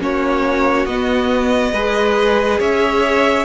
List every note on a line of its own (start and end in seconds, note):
0.00 0.86 A#3
0.00 0.87 C#4
0.00 1.73 F#4
0.00 0.87 C#5
0.86 1.73 B3
0.86 1.74 B3
0.86 2.61 D#5
1.73 2.60 G#3
1.73 3.45 G#4
1.73 2.59 B4
2.59 3.45 C#4
2.59 3.45 C#5
2.59 3.45 E5